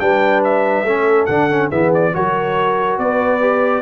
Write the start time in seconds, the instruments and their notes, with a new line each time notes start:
0.00 tuba G3, trombone D4, horn B4, trumpet G5
0.44 trumpet E5
0.84 tuba A3, trombone C#4, horn A4
1.26 tuba D3, trombone D4, trumpet F#5
1.51 trombone C#4
1.70 tuba E3, trombone B3, horn G#4, trumpet E5
1.95 trumpet D5
2.14 tuba F#3, trombone F#4, horn A#4, trumpet C#5
2.98 tuba B3, horn B4, trumpet D5
3.41 trombone G4